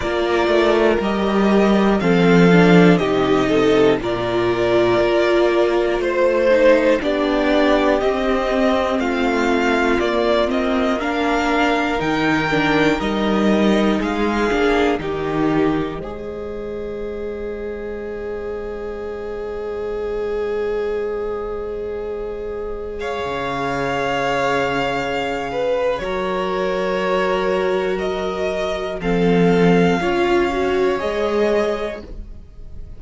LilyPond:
<<
  \new Staff \with { instrumentName = "violin" } { \time 4/4 \tempo 4 = 60 d''4 dis''4 f''4 dis''4 | d''2 c''4 d''4 | dis''4 f''4 d''8 dis''8 f''4 | g''4 dis''4 f''4 dis''4~ |
dis''1~ | dis''2. f''4~ | f''2 cis''2 | dis''4 f''2 dis''4 | }
  \new Staff \with { instrumentName = "violin" } { \time 4/4 ais'2 a'4 g'8 a'8 | ais'2 c''4 g'4~ | g'4 f'2 ais'4~ | ais'2 gis'4 g'4 |
c''1~ | c''2. cis''4~ | cis''4. b'8 ais'2~ | ais'4 a'4 cis''2 | }
  \new Staff \with { instrumentName = "viola" } { \time 4/4 f'4 g'4 c'8 d'8 dis'4 | f'2~ f'8 dis'8 d'4 | c'2 ais8 c'8 d'4 | dis'8 d'8 dis'4. d'8 dis'4 |
gis'1~ | gis'1~ | gis'2 fis'2~ | fis'4 c'4 f'8 fis'8 gis'4 | }
  \new Staff \with { instrumentName = "cello" } { \time 4/4 ais8 a8 g4 f4 c4 | ais,4 ais4 a4 b4 | c'4 a4 ais2 | dis4 g4 gis8 ais8 dis4 |
gis1~ | gis2.~ gis16 cis8.~ | cis2 fis2~ | fis4 f4 cis'4 gis4 | }
>>